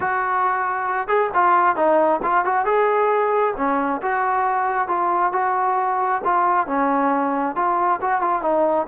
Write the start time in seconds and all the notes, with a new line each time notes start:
0.00 F#4
1.07 G#4
1.34 F4
1.76 D#4
2.22 F4
2.44 F#4
2.65 G#4
3.56 C#4
4.02 F#4
4.88 F4
5.32 F#4
6.24 F4
6.66 C#4
7.55 F4
8.01 F#4
8.21 F4
8.42 D#4